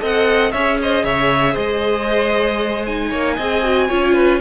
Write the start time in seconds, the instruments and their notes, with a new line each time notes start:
0.00 cello C4, viola A4, violin D#5 F#5
0.51 cello C#4, viola G#4, violin C#5 E5
0.82 violin C5 D#5
1.04 cello C#3, violin C#5 E5
1.53 cello G#3, violin C5 D#5
2.86 viola D#4, violin G#5
3.09 cello A#3, violin C#5
3.36 cello C4, viola G#4, violin D#5
3.63 viola F#4
3.88 cello C#4, viola F4, violin C#5
4.13 violin B4